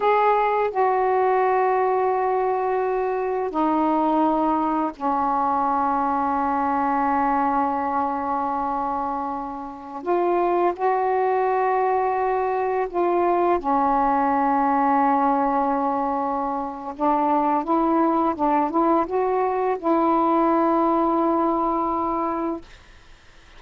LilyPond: \new Staff \with { instrumentName = "saxophone" } { \time 4/4 \tempo 4 = 85 gis'4 fis'2.~ | fis'4 dis'2 cis'4~ | cis'1~ | cis'2~ cis'16 f'4 fis'8.~ |
fis'2~ fis'16 f'4 cis'8.~ | cis'1 | d'4 e'4 d'8 e'8 fis'4 | e'1 | }